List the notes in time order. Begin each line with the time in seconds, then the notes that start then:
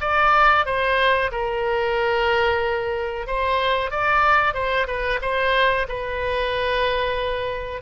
0.00 D5
0.65 C5
1.32 A#4
3.26 C5
3.91 D5
4.54 C5
4.87 B4
5.21 C5
5.88 B4